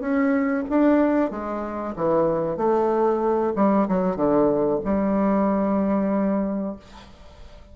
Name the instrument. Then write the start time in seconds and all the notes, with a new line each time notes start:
bassoon
0.00 C#4
0.69 D4
1.31 G#3
1.96 E3
2.57 A3
3.56 G3
3.88 F#3
4.16 D3
4.84 G3